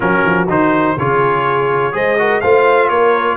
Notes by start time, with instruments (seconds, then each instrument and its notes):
0.00 tuba F#3, trombone C#4, horn F#4, trumpet A#4
0.24 tuba F3
0.48 tuba D#3, trombone D#4, trumpet C5
0.97 tuba C#3, trombone F4, horn G#4, trumpet C#5
1.92 tuba G#3, trombone G#4, horn C5, trumpet D#5
2.18 trombone F#4, horn A#4
2.40 tuba A3, trombone F4, horn C5, trumpet F5
2.88 tuba A#3, horn A#4, trumpet C#5